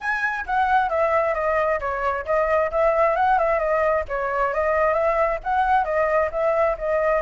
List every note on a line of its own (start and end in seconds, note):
0.00 0.45 G#5
0.46 0.89 F#5
0.89 1.34 E5
1.34 1.79 D#5
1.80 2.25 C#5
2.25 2.70 D#5
2.71 3.16 E5
3.16 3.38 F#5
3.38 3.59 E5
3.59 4.04 D#5
4.08 4.53 C#5
4.53 4.93 D#5
4.93 5.38 E5
5.43 5.84 F#5
5.84 6.29 D#5
6.31 6.76 E5
6.78 7.22 D#5